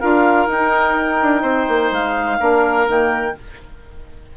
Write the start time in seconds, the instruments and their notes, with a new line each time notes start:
0.00 bassoon D4, saxophone F4, oboe A#4, clarinet F5
0.47 bassoon D#4, saxophone D#4, clarinet G5
1.22 bassoon D4
1.42 bassoon C4, oboe C5
1.68 bassoon A#3
1.91 bassoon G#3, clarinet F5
2.39 bassoon A#3, saxophone D4, oboe A#4
2.86 bassoon D#3, saxophone A#3, clarinet G5